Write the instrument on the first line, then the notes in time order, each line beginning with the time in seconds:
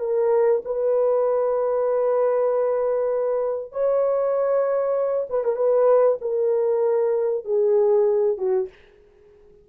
horn
0.00 A#4
0.65 B4
3.72 C#5
5.30 B4
5.44 A#4
5.56 B4
6.22 A#4
7.45 G#4
8.38 F#4